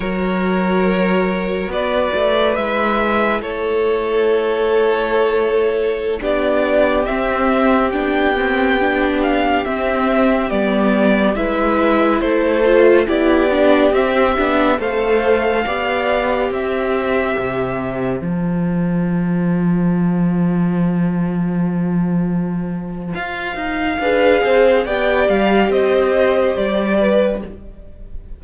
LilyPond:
<<
  \new Staff \with { instrumentName = "violin" } { \time 4/4 \tempo 4 = 70 cis''2 d''4 e''4 | cis''2.~ cis''16 d''8.~ | d''16 e''4 g''4. f''8 e''8.~ | e''16 d''4 e''4 c''4 d''8.~ |
d''16 e''4 f''2 e''8.~ | e''4~ e''16 a''2~ a''8.~ | a''2. f''4~ | f''4 g''8 f''8 dis''4 d''4 | }
  \new Staff \with { instrumentName = "violin" } { \time 4/4 ais'2 b'2 | a'2.~ a'16 g'8.~ | g'1~ | g'4~ g'16 b'4 a'4 g'8.~ |
g'4~ g'16 c''4 d''4 c''8.~ | c''1~ | c''1 | b'8 c''8 d''4 c''4. b'8 | }
  \new Staff \with { instrumentName = "viola" } { \time 4/4 fis'2. e'4~ | e'2.~ e'16 d'8.~ | d'16 c'4 d'8 c'8 d'4 c'8.~ | c'16 b4 e'4. f'8 e'8 d'16~ |
d'16 c'8 d'8 a'4 g'4.~ g'16~ | g'4~ g'16 f'2~ f'8.~ | f'1 | gis'4 g'2. | }
  \new Staff \with { instrumentName = "cello" } { \time 4/4 fis2 b8 a8 gis4 | a2.~ a16 b8.~ | b16 c'4 b2 c'8.~ | c'16 g4 gis4 a4 b8.~ |
b16 c'8 b8 a4 b4 c'8.~ | c'16 c4 f2~ f8.~ | f2. f'8 dis'8 | d'8 c'8 b8 g8 c'4 g4 | }
>>